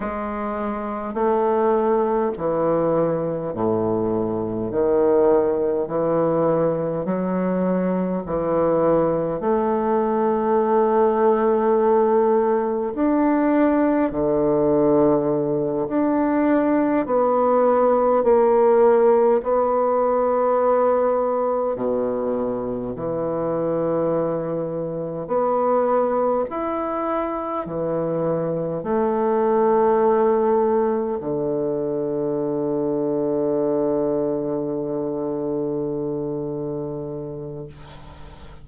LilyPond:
\new Staff \with { instrumentName = "bassoon" } { \time 4/4 \tempo 4 = 51 gis4 a4 e4 a,4 | dis4 e4 fis4 e4 | a2. d'4 | d4. d'4 b4 ais8~ |
ais8 b2 b,4 e8~ | e4. b4 e'4 e8~ | e8 a2 d4.~ | d1 | }